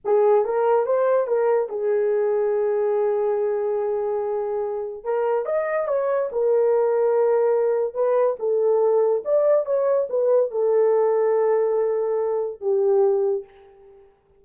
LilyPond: \new Staff \with { instrumentName = "horn" } { \time 4/4 \tempo 4 = 143 gis'4 ais'4 c''4 ais'4 | gis'1~ | gis'1 | ais'4 dis''4 cis''4 ais'4~ |
ais'2. b'4 | a'2 d''4 cis''4 | b'4 a'2.~ | a'2 g'2 | }